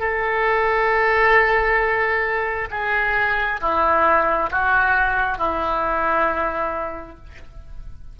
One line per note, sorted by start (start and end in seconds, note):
0.00 2.69 A4
2.71 3.61 G#4
3.61 4.51 E4
4.51 5.38 F#4
5.38 7.17 E4